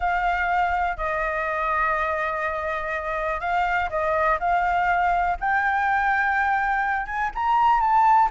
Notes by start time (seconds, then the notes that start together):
0.00 F5
0.97 D#5
3.40 F5
3.89 D#5
4.39 F5
5.39 G5
7.06 G#5
7.34 A#5
7.80 A5